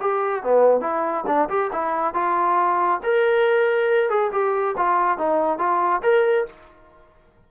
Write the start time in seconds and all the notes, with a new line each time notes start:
0.00 G4
0.43 B3
0.81 E4
1.27 D4
1.49 G4
1.72 E4
2.13 F4
3.03 A#4
4.09 G#4
4.32 G4
4.77 F4
5.18 D#4
5.58 F4
6.02 A#4